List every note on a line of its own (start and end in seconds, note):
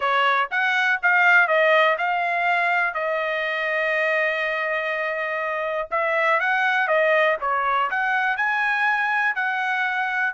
0.00 0.49 C#5
0.50 0.99 F#5
1.02 1.47 F5
1.47 1.96 D#5
1.97 2.94 F5
2.94 5.89 D#5
5.91 6.39 E5
6.39 6.87 F#5
6.87 7.36 D#5
7.41 7.90 C#5
7.90 8.37 F#5
8.37 9.35 G#5
9.35 10.33 F#5